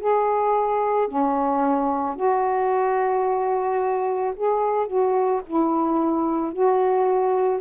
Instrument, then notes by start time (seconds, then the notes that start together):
saxophone
0.00 G#4
1.08 C#4
2.16 F#4
4.36 G#4
4.87 F#4
5.46 E4
6.53 F#4